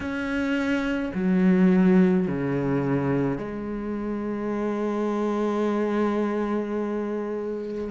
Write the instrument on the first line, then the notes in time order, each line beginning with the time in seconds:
cello
0.00 C#4
1.14 F#3
2.27 C#3
3.38 G#3